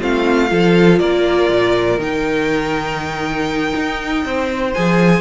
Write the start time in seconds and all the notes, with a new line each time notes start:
0.00 A3 C4 F4 F5
0.49 F3 F4 A4
0.99 A#3 A#4 D5
1.49 A#2
1.99 D#3 D#4 G5
3.75 D#4
4.25 C4 C5
4.74 F3 G#4 G#5